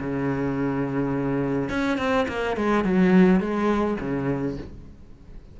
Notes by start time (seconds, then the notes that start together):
0.00 C#3
1.69 C#4
1.97 C4
2.28 A#3
2.56 G#3
2.84 F#3
3.40 G#3
4.00 C#3